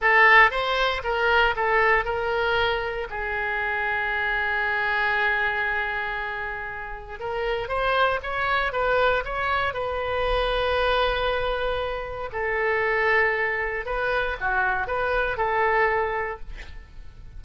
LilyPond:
\new Staff \with { instrumentName = "oboe" } { \time 4/4 \tempo 4 = 117 a'4 c''4 ais'4 a'4 | ais'2 gis'2~ | gis'1~ | gis'2 ais'4 c''4 |
cis''4 b'4 cis''4 b'4~ | b'1 | a'2. b'4 | fis'4 b'4 a'2 | }